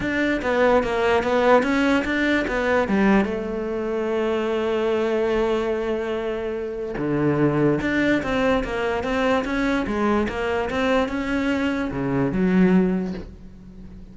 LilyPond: \new Staff \with { instrumentName = "cello" } { \time 4/4 \tempo 4 = 146 d'4 b4 ais4 b4 | cis'4 d'4 b4 g4 | a1~ | a1~ |
a4 d2 d'4 | c'4 ais4 c'4 cis'4 | gis4 ais4 c'4 cis'4~ | cis'4 cis4 fis2 | }